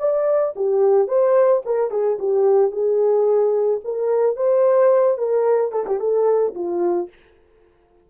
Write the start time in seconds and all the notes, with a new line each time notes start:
0.00 D5
0.56 G4
1.08 C5
1.66 A#4
1.91 G#4
2.19 G4
2.72 G#4
3.85 A#4
4.37 C5
5.18 A#4
5.72 A4
5.87 G4
6.00 A4
6.55 F4